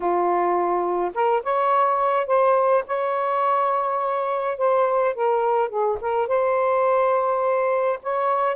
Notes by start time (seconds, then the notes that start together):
0.00 F4
1.14 A#4
1.43 C#5
2.26 C5
2.86 C#5
4.57 C5
5.14 A#4
5.69 G#4
6.00 A#4
6.27 C5
8.02 C#5